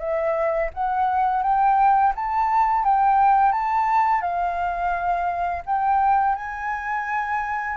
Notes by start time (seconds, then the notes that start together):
0.00 E5
0.74 F#5
1.43 G5
2.16 A5
2.85 G5
3.53 A5
4.22 F5
5.66 G5
6.36 G#5